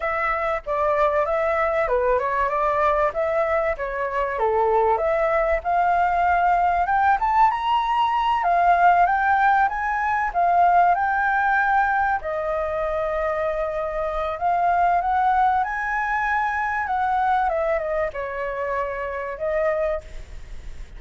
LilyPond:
\new Staff \with { instrumentName = "flute" } { \time 4/4 \tempo 4 = 96 e''4 d''4 e''4 b'8 cis''8 | d''4 e''4 cis''4 a'4 | e''4 f''2 g''8 a''8 | ais''4. f''4 g''4 gis''8~ |
gis''8 f''4 g''2 dis''8~ | dis''2. f''4 | fis''4 gis''2 fis''4 | e''8 dis''8 cis''2 dis''4 | }